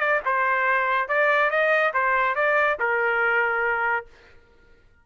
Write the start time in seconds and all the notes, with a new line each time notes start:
0.00 D5
0.26 C5
1.09 D5
1.51 D#5
1.94 C5
2.36 D5
2.80 A#4